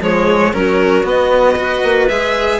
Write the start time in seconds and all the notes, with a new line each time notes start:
0.00 F3 G#3 G#4 C#5
0.53 F#3 C#4 F#4 A#4
1.03 B3 D#5
1.56 F#4 B4
1.83 A#3
2.08 G#3 G#4 E5